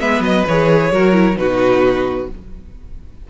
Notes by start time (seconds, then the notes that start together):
0.00 G#3 B3 B4 E5
0.21 F#3 D#5
0.48 E3 G#4 C#5
0.91 F#3 F#4 A#4
1.13 E4
1.37 B2 D#4 F#4 B4